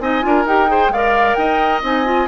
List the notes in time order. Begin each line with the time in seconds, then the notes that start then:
0.00 C4 D#4 D#5 G#5
0.22 D4 F4 A#4
0.45 D#4 G4 G5
0.68 G#4 C5
0.89 G#3 A#4 D5 F5
1.34 D#4 D#5 G5
1.82 C4 D#4 G#5
2.05 F4